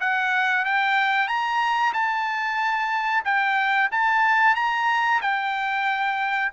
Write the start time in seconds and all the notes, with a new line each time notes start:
0.00 F#5
0.65 G5
1.27 A#5
1.93 A5
3.24 G5
3.91 A5
4.55 A#5
5.21 G5